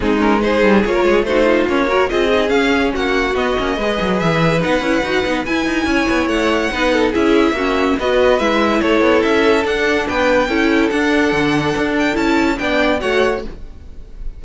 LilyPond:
<<
  \new Staff \with { instrumentName = "violin" } { \time 4/4 \tempo 4 = 143 gis'8 ais'8 c''4 cis''4 c''4 | cis''4 dis''4 f''4 fis''4 | dis''2 e''4 fis''4~ | fis''4 gis''2 fis''4~ |
fis''4 e''2 dis''4 | e''4 cis''4 e''4 fis''4 | g''2 fis''2~ | fis''8 g''8 a''4 g''4 fis''4 | }
  \new Staff \with { instrumentName = "violin" } { \time 4/4 dis'4 gis'4~ gis'16 ais'16 gis'8 fis'8 f'8~ | f'8 ais'8 gis'2 fis'4~ | fis'4 b'2.~ | b'2 cis''2 |
b'8 a'8 gis'4 fis'4 b'4~ | b'4 a'2. | b'4 a'2.~ | a'2 d''4 cis''4 | }
  \new Staff \with { instrumentName = "viola" } { \time 4/4 c'8 cis'8 dis'4 f'4 dis'4 | cis'8 fis'8 f'8 dis'8 cis'2 | b8 cis'8 gis'2 dis'8 e'8 | fis'8 dis'8 e'2. |
dis'4 e'4 cis'4 fis'4 | e'2. d'4~ | d'4 e'4 d'2~ | d'4 e'4 d'4 fis'4 | }
  \new Staff \with { instrumentName = "cello" } { \time 4/4 gis4. g8 ais8 gis8 a4 | ais4 c'4 cis'4 ais4 | b8 ais8 gis8 fis8 e4 b8 cis'8 | dis'8 b8 e'8 dis'8 cis'8 b8 a4 |
b4 cis'4 ais4 b4 | gis4 a8 b8 cis'4 d'4 | b4 cis'4 d'4 d4 | d'4 cis'4 b4 a4 | }
>>